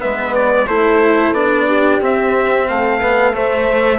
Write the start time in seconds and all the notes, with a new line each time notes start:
0.00 G#3 B3 B4 E5
0.35 D5
0.68 A3 E4 A4 C5
1.32 B3 D4 D5
1.68 G4
2.02 C4 E5
2.69 A3 A4 F5
3.01 B3 B4
3.33 A3 C5 E5